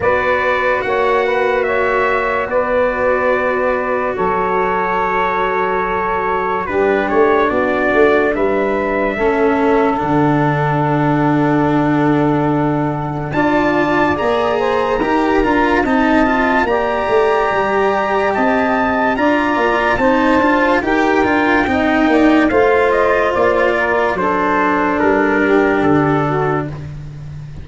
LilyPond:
<<
  \new Staff \with { instrumentName = "trumpet" } { \time 4/4 \tempo 4 = 72 d''4 fis''4 e''4 d''4~ | d''4 cis''2. | b'8 cis''8 d''4 e''2 | fis''1 |
a''4 ais''2 a''4 | ais''2 a''4 ais''4 | a''4 g''2 f''8 dis''8 | d''4 c''4 ais'4 a'4 | }
  \new Staff \with { instrumentName = "saxophone" } { \time 4/4 b'4 cis''8 b'8 cis''4 b'4~ | b'4 a'2. | g'4 fis'4 b'4 a'4~ | a'1 |
d''4. c''8 ais'4 dis''4 | d''2 dis''4 d''4 | c''4 ais'4 dis''8 d''8 c''4~ | c''8 ais'8 a'4. g'4 fis'8 | }
  \new Staff \with { instrumentName = "cello" } { \time 4/4 fis'1~ | fis'1 | d'2. cis'4 | d'1 |
f'4 gis'4 g'8 f'8 dis'8 f'8 | g'2. f'4 | dis'8 f'8 g'8 f'8 dis'4 f'4~ | f'4 d'2. | }
  \new Staff \with { instrumentName = "tuba" } { \time 4/4 b4 ais2 b4~ | b4 fis2. | g8 a8 b8 a8 g4 a4 | d1 |
d'4 ais4 dis'8 d'8 c'4 | ais8 a8 g4 c'4 d'8 ais8 | c'8 d'8 dis'8 d'8 c'8 ais8 a4 | ais4 fis4 g4 d4 | }
>>